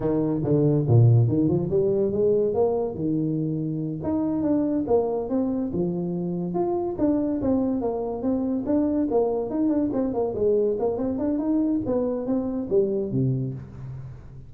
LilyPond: \new Staff \with { instrumentName = "tuba" } { \time 4/4 \tempo 4 = 142 dis4 d4 ais,4 dis8 f8 | g4 gis4 ais4 dis4~ | dis4. dis'4 d'4 ais8~ | ais8 c'4 f2 f'8~ |
f'8 d'4 c'4 ais4 c'8~ | c'8 d'4 ais4 dis'8 d'8 c'8 | ais8 gis4 ais8 c'8 d'8 dis'4 | b4 c'4 g4 c4 | }